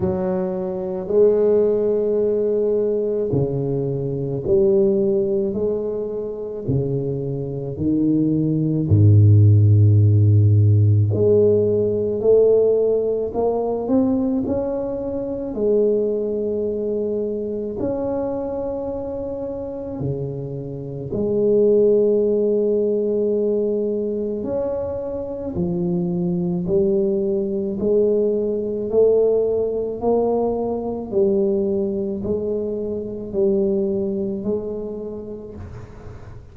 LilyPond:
\new Staff \with { instrumentName = "tuba" } { \time 4/4 \tempo 4 = 54 fis4 gis2 cis4 | g4 gis4 cis4 dis4 | gis,2 gis4 a4 | ais8 c'8 cis'4 gis2 |
cis'2 cis4 gis4~ | gis2 cis'4 f4 | g4 gis4 a4 ais4 | g4 gis4 g4 gis4 | }